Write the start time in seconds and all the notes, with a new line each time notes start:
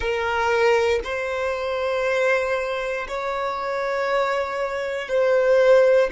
0.00 A#4
1.04 C5
3.07 C#5
5.08 C5